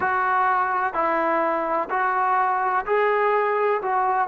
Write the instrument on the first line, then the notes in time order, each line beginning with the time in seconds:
trombone
0.00 F#4
0.93 E4
1.90 F#4
2.86 G#4
3.81 F#4